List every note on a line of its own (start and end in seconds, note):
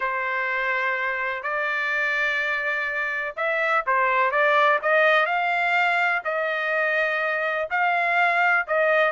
0.00 1.42 C5
1.43 3.35 D5
3.36 3.84 E5
3.86 4.31 C5
4.31 4.79 D5
4.82 5.26 D#5
5.26 6.22 F5
6.24 7.68 D#5
7.70 8.66 F5
8.67 9.12 D#5